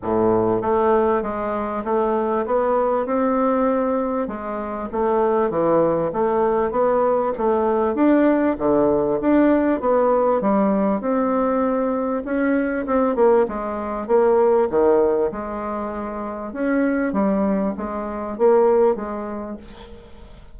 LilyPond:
\new Staff \with { instrumentName = "bassoon" } { \time 4/4 \tempo 4 = 98 a,4 a4 gis4 a4 | b4 c'2 gis4 | a4 e4 a4 b4 | a4 d'4 d4 d'4 |
b4 g4 c'2 | cis'4 c'8 ais8 gis4 ais4 | dis4 gis2 cis'4 | g4 gis4 ais4 gis4 | }